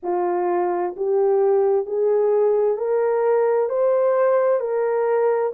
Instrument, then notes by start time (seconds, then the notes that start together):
horn
0.03 F4
0.96 G4
1.86 G#4
2.77 A#4
3.69 C5
4.59 A#4